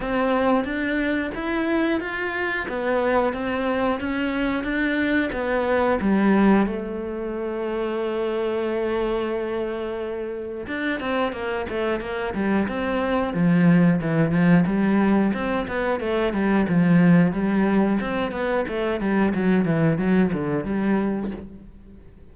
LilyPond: \new Staff \with { instrumentName = "cello" } { \time 4/4 \tempo 4 = 90 c'4 d'4 e'4 f'4 | b4 c'4 cis'4 d'4 | b4 g4 a2~ | a1 |
d'8 c'8 ais8 a8 ais8 g8 c'4 | f4 e8 f8 g4 c'8 b8 | a8 g8 f4 g4 c'8 b8 | a8 g8 fis8 e8 fis8 d8 g4 | }